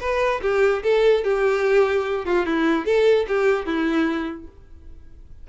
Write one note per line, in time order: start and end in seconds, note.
0.00 0.41 B4
0.42 0.83 G4
0.83 1.24 A4
1.24 2.25 G4
2.25 2.46 F4
2.46 2.86 E4
2.86 3.26 A4
3.28 3.66 G4
3.66 4.47 E4